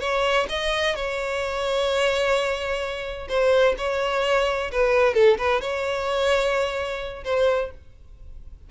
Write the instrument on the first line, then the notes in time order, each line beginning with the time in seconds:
violin
0.00 C#5
0.49 D#5
0.95 C#5
3.28 C5
3.78 C#5
4.71 B4
5.14 A4
5.37 B4
5.61 C#5
7.24 C5